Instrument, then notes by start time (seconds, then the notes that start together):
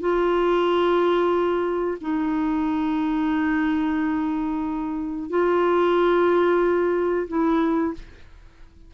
clarinet
0.00 F4
2.01 D#4
5.30 F4
7.28 E4